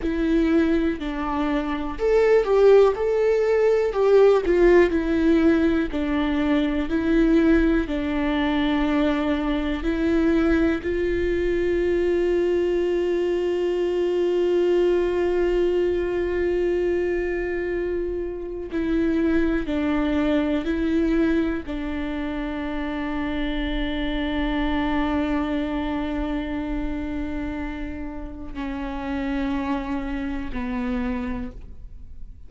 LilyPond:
\new Staff \with { instrumentName = "viola" } { \time 4/4 \tempo 4 = 61 e'4 d'4 a'8 g'8 a'4 | g'8 f'8 e'4 d'4 e'4 | d'2 e'4 f'4~ | f'1~ |
f'2. e'4 | d'4 e'4 d'2~ | d'1~ | d'4 cis'2 b4 | }